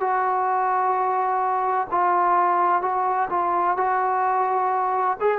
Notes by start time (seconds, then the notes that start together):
0.00 F#4
1.91 F4
2.82 F#4
3.30 F4
3.77 F#4
5.20 G#4